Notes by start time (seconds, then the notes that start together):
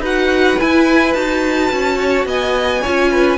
0.00 D#4 F#4 B4 F#5
0.59 E4 G#5
1.13 D#4 F#4 A5
1.71 C#4
1.99 C#5
2.25 B3 D#5 G#5
2.82 C#4 F4 C#5
3.11 B4